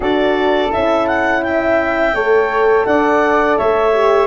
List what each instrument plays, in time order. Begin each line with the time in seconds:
0.00 tuba D4, horn F#4, flute A4, clarinet D5
0.71 tuba C#4, horn E4, clarinet E5
1.07 clarinet F#5
1.43 flute E5, clarinet G5
2.14 tuba A3, horn A4, flute C#5
2.85 tuba D4, flute D5, clarinet F#5
3.57 tuba A3, flute C#5, clarinet E5
3.93 horn G4